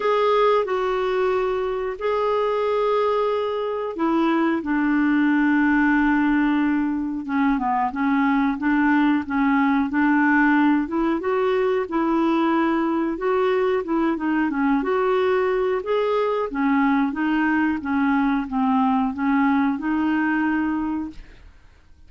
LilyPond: \new Staff \with { instrumentName = "clarinet" } { \time 4/4 \tempo 4 = 91 gis'4 fis'2 gis'4~ | gis'2 e'4 d'4~ | d'2. cis'8 b8 | cis'4 d'4 cis'4 d'4~ |
d'8 e'8 fis'4 e'2 | fis'4 e'8 dis'8 cis'8 fis'4. | gis'4 cis'4 dis'4 cis'4 | c'4 cis'4 dis'2 | }